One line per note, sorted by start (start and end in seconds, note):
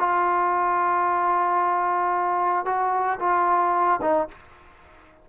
0.00 2.66 F4
2.66 3.19 F#4
3.20 4.00 F4
4.02 4.29 D#4